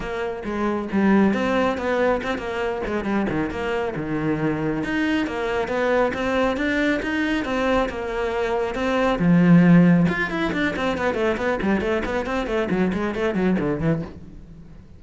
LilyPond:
\new Staff \with { instrumentName = "cello" } { \time 4/4 \tempo 4 = 137 ais4 gis4 g4 c'4 | b4 c'8 ais4 gis8 g8 dis8 | ais4 dis2 dis'4 | ais4 b4 c'4 d'4 |
dis'4 c'4 ais2 | c'4 f2 f'8 e'8 | d'8 c'8 b8 a8 b8 g8 a8 b8 | c'8 a8 fis8 gis8 a8 fis8 d8 e8 | }